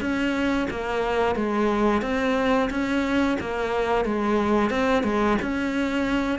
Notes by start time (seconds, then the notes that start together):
0.00 C#4
0.70 A#3
1.35 G#3
2.02 C4
2.70 C#4
3.40 A#3
4.05 G#3
4.70 C4
5.03 G#3
5.41 C#4